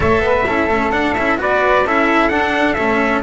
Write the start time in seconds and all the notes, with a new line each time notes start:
0.00 A3 A4 C#5 E5
0.19 B3 B4
0.46 C#4 E4 A4
0.68 A3 C#4
0.91 D4 F#5
1.14 C#4 E4 E5
1.37 B3 F#4 B4 D5
1.84 C#4 E4 A4 E5
2.28 D4 F#5
2.73 A3 C#4 E5